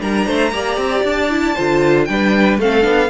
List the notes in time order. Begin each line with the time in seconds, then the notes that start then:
0.00 G3 D4 A#4 A#5
0.26 A3 C5
0.52 A#3 G4 D5
0.77 C4
1.04 D4 A5
1.30 E4
1.55 D3 F4 C5
2.04 G3 D4 B4 G5
2.59 A3 C4 A4 F5
2.81 B3 D4